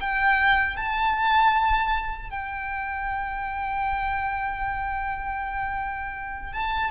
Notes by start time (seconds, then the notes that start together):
0.00 G5
0.77 A5
2.30 G5
6.53 A5